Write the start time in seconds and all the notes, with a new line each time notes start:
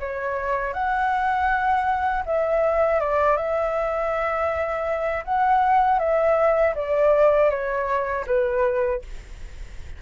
0.00 C#5
0.74 F#5
2.26 E5
3.01 D5
3.37 E5
5.25 F#5
5.99 E5
6.75 D5
7.50 C#5
8.27 B4